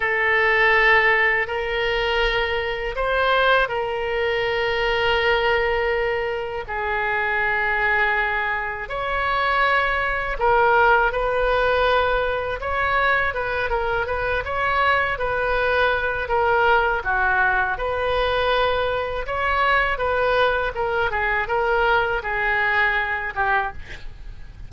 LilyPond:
\new Staff \with { instrumentName = "oboe" } { \time 4/4 \tempo 4 = 81 a'2 ais'2 | c''4 ais'2.~ | ais'4 gis'2. | cis''2 ais'4 b'4~ |
b'4 cis''4 b'8 ais'8 b'8 cis''8~ | cis''8 b'4. ais'4 fis'4 | b'2 cis''4 b'4 | ais'8 gis'8 ais'4 gis'4. g'8 | }